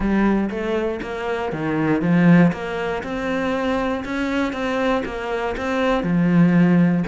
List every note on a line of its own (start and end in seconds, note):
0.00 0.49 G3
0.50 1.00 A3
1.02 1.52 A#3
1.52 2.01 D#3
2.01 2.51 F3
2.52 3.03 A#3
3.03 4.04 C4
4.05 4.52 C#4
4.52 5.03 C4
5.05 5.55 A#3
5.57 6.03 C4
6.03 7.04 F3